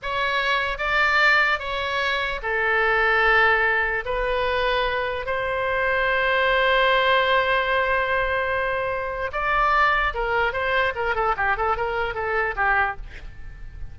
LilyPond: \new Staff \with { instrumentName = "oboe" } { \time 4/4 \tempo 4 = 148 cis''2 d''2 | cis''2 a'2~ | a'2 b'2~ | b'4 c''2.~ |
c''1~ | c''2. d''4~ | d''4 ais'4 c''4 ais'8 a'8 | g'8 a'8 ais'4 a'4 g'4 | }